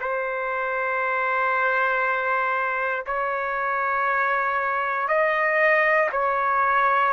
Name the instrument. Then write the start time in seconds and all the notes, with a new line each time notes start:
trumpet
0.00 C5
3.06 C#5
5.08 D#5
6.12 C#5